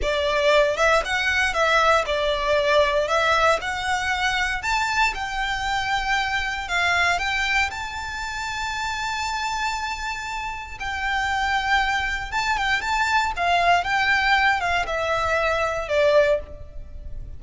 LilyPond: \new Staff \with { instrumentName = "violin" } { \time 4/4 \tempo 4 = 117 d''4. e''8 fis''4 e''4 | d''2 e''4 fis''4~ | fis''4 a''4 g''2~ | g''4 f''4 g''4 a''4~ |
a''1~ | a''4 g''2. | a''8 g''8 a''4 f''4 g''4~ | g''8 f''8 e''2 d''4 | }